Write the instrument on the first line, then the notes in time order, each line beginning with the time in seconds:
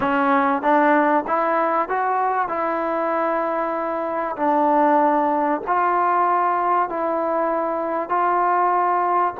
trombone
0.00 C#4
0.62 D4
1.27 E4
1.88 F#4
2.48 E4
4.36 D4
5.67 F4
6.89 E4
8.09 F4